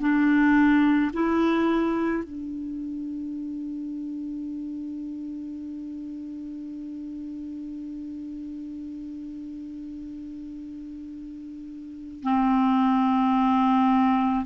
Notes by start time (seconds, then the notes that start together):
0.00 D4
1.13 E4
2.24 D4
12.23 C4